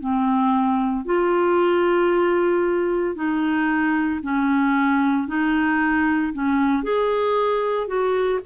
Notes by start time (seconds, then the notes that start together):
0.00 C4
1.05 F4
3.15 D#4
4.23 C#4
5.28 D#4
6.33 C#4
6.83 G#4
7.87 F#4